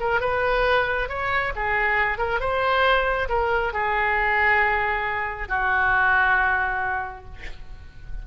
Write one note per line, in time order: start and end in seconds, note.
0.00 0.20 A#4
0.20 1.09 B4
1.09 1.53 C#5
1.56 2.18 G#4
2.18 2.40 A#4
2.40 3.28 C5
3.29 3.73 A#4
3.73 5.48 G#4
5.48 7.25 F#4